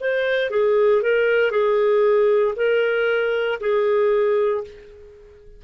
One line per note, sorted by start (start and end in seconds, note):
0.00 0.50 C5
0.50 1.02 G#4
1.02 1.51 A#4
1.51 2.54 G#4
2.56 3.59 A#4
3.60 4.64 G#4